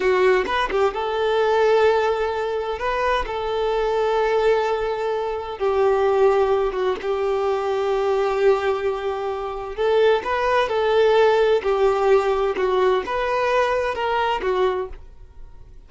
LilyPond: \new Staff \with { instrumentName = "violin" } { \time 4/4 \tempo 4 = 129 fis'4 b'8 g'8 a'2~ | a'2 b'4 a'4~ | a'1 | g'2~ g'8 fis'8 g'4~ |
g'1~ | g'4 a'4 b'4 a'4~ | a'4 g'2 fis'4 | b'2 ais'4 fis'4 | }